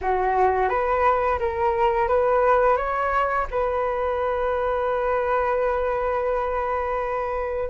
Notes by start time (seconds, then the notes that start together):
0.01 F#4
0.69 B4
1.39 A#4
2.08 B4
2.77 C#5
3.51 B4